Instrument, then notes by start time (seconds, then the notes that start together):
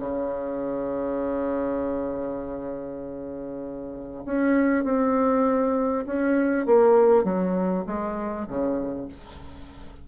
bassoon
0.00 C#3
4.26 C#4
4.84 C4
6.07 C#4
6.66 A#3
7.24 F#3
7.87 G#3
8.48 C#3